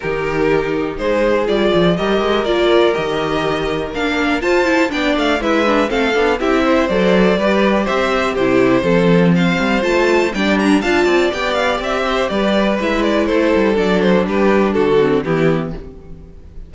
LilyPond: <<
  \new Staff \with { instrumentName = "violin" } { \time 4/4 \tempo 4 = 122 ais'2 c''4 d''4 | dis''4 d''4 dis''2 | f''4 a''4 g''8 f''8 e''4 | f''4 e''4 d''2 |
e''4 c''2 f''4 | a''4 g''8 ais''8 a''4 g''8 f''8 | e''4 d''4 e''8 d''8 c''4 | d''8 c''8 b'4 a'4 g'4 | }
  \new Staff \with { instrumentName = "violin" } { \time 4/4 g'2 gis'2 | ais'1~ | ais'4 c''4 d''4 b'4 | a'4 g'8 c''4. b'4 |
c''4 g'4 a'4 c''4~ | c''4 d''8 d'8 f''8 d''4.~ | d''8 c''8 b'2 a'4~ | a'4 g'4 fis'4 e'4 | }
  \new Staff \with { instrumentName = "viola" } { \time 4/4 dis'2. f'4 | g'4 f'4 g'2 | d'4 f'8 e'8 d'4 e'8 d'8 | c'8 d'8 e'4 a'4 g'4~ |
g'4 e'4 c'2 | f'4 d'4 f'4 g'4~ | g'2 e'2 | d'2~ d'8 c'8 b4 | }
  \new Staff \with { instrumentName = "cello" } { \time 4/4 dis2 gis4 g8 f8 | g8 gis8 ais4 dis2 | ais4 f'4 b8 a8 gis4 | a8 b8 c'4 fis4 g4 |
c'4 c4 f4. g8 | a4 g4 d'8 c'8 b4 | c'4 g4 gis4 a8 g8 | fis4 g4 d4 e4 | }
>>